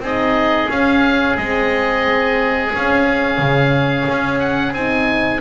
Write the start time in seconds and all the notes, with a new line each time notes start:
0.00 C4 D#4 G#4
0.06 D#5
0.69 C#4 F5
1.37 G#3 C4 D#5
2.71 C#4 F5
3.38 C#3
4.08 C#4
4.39 F#5
4.72 C4 D#4 G#5